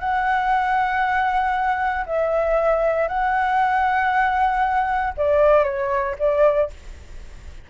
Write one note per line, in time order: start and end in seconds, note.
0.00 2.05 F#5
2.06 3.08 E5
3.08 5.13 F#5
5.17 5.64 D5
5.64 6.15 C#5
6.19 6.70 D5